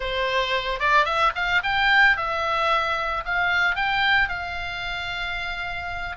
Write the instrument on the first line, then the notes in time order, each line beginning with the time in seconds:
oboe
0.00 C5
0.79 D5
1.05 E5
1.35 F5
1.63 G5
2.16 E5
3.25 F5
3.75 G5
4.29 F5